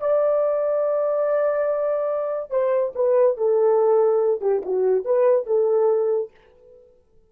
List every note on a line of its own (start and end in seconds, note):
0.00 2.50 D5
2.50 2.93 C5
2.95 3.37 B4
3.37 4.41 A4
4.41 4.62 G4
4.65 5.05 F#4
5.05 5.46 B4
5.46 6.31 A4